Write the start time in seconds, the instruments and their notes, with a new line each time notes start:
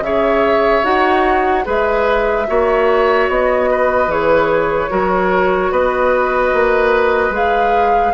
0.00 bassoon C#3, clarinet G#4, oboe C#5, flute E5
0.83 bassoon D#4, clarinet F#4, flute F#5
1.64 bassoon G#3, clarinet G#4, oboe B4, flute E5
2.47 bassoon A#3, clarinet F#4, oboe C#5
3.29 bassoon B3, flute D#5
3.70 oboe B4
4.07 bassoon E3, clarinet G#4, flute C#5
4.89 bassoon F#3, clarinet F#4, oboe A#4
5.71 bassoon B3, oboe B4, flute D#5
6.53 bassoon A#3
7.30 bassoon G#3, clarinet G#4, flute F5